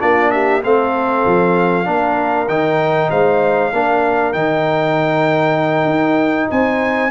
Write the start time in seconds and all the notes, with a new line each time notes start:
0.00 A#3 D4 F4 D5
0.31 G4 E5
0.63 A3 C4 A4 F5
1.26 F3
1.84 A#3 D4 A#4
2.48 D#3 D#4 G5
3.10 G#3 C5 F5
3.72 A#3 D4 A#4
4.33 D#3 D#4 G5
5.85 D#4
6.50 C4 C5 G#5